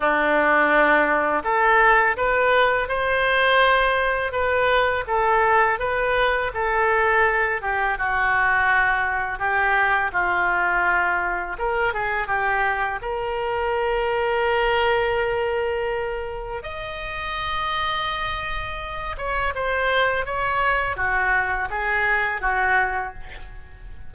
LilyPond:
\new Staff \with { instrumentName = "oboe" } { \time 4/4 \tempo 4 = 83 d'2 a'4 b'4 | c''2 b'4 a'4 | b'4 a'4. g'8 fis'4~ | fis'4 g'4 f'2 |
ais'8 gis'8 g'4 ais'2~ | ais'2. dis''4~ | dis''2~ dis''8 cis''8 c''4 | cis''4 fis'4 gis'4 fis'4 | }